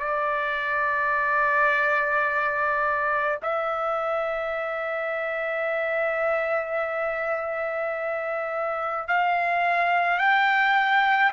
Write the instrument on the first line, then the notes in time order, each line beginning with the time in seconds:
trumpet
0.00 D5
3.43 E5
9.08 F5
10.19 G5